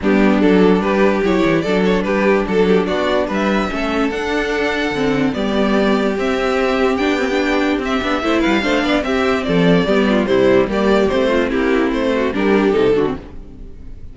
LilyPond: <<
  \new Staff \with { instrumentName = "violin" } { \time 4/4 \tempo 4 = 146 g'4 a'4 b'4 cis''4 | d''8 cis''8 b'4 a'4 d''4 | e''2 fis''2~ | fis''4 d''2 e''4~ |
e''4 g''2 e''4~ | e''8 f''4. e''4 d''4~ | d''4 c''4 d''4 c''4 | g'4 c''4 ais'4 a'4 | }
  \new Staff \with { instrumentName = "violin" } { \time 4/4 d'2 g'2 | a'4 g'4 a'8 g'8 fis'4 | b'4 a'2.~ | a'4 g'2.~ |
g'1 | c''8 b'8 c''8 d''8 g'4 a'4 | g'8 f'8 e'4 g'4. f'8 | e'4. fis'8 g'4. fis'8 | }
  \new Staff \with { instrumentName = "viola" } { \time 4/4 b4 d'2 e'4 | d'1~ | d'4 cis'4 d'2 | c'4 b2 c'4~ |
c'4 d'8 c'16 d'4~ d'16 c'8 d'8 | e'4 d'4 c'2 | b4 g4 ais4 c'4~ | c'2 d'4 dis'8 d'16 c'16 | }
  \new Staff \with { instrumentName = "cello" } { \time 4/4 g4 fis4 g4 fis8 e8 | fis4 g4 fis4 b4 | g4 a4 d'2 | d4 g2 c'4~ |
c'4 b2 c'8 b8 | a8 g8 a8 b8 c'4 f4 | g4 c4 g4 a4 | ais4 a4 g4 c8 d8 | }
>>